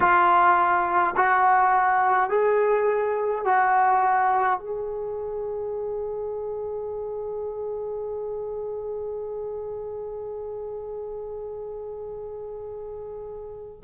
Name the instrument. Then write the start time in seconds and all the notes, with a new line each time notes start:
trombone
0.00 F4
1.16 F#4
2.29 G#4
3.44 F#4
4.58 G#4